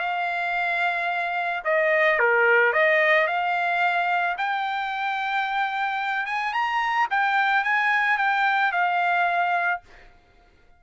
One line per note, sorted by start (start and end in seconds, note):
0.00 1.64 F5
1.65 2.19 D#5
2.20 2.73 A#4
2.73 3.28 D#5
3.28 4.37 F5
4.38 6.26 G5
6.26 6.53 G#5
6.53 7.08 A#5
7.11 7.64 G5
7.64 8.18 G#5
8.18 8.72 G5
8.72 9.82 F5